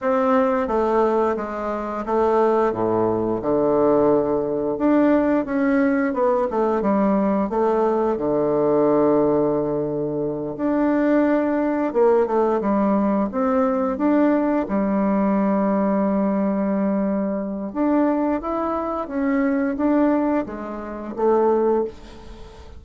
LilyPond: \new Staff \with { instrumentName = "bassoon" } { \time 4/4 \tempo 4 = 88 c'4 a4 gis4 a4 | a,4 d2 d'4 | cis'4 b8 a8 g4 a4 | d2.~ d8 d'8~ |
d'4. ais8 a8 g4 c'8~ | c'8 d'4 g2~ g8~ | g2 d'4 e'4 | cis'4 d'4 gis4 a4 | }